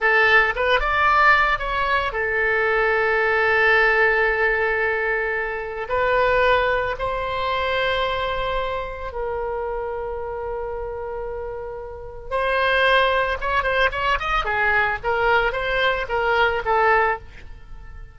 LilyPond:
\new Staff \with { instrumentName = "oboe" } { \time 4/4 \tempo 4 = 112 a'4 b'8 d''4. cis''4 | a'1~ | a'2. b'4~ | b'4 c''2.~ |
c''4 ais'2.~ | ais'2. c''4~ | c''4 cis''8 c''8 cis''8 dis''8 gis'4 | ais'4 c''4 ais'4 a'4 | }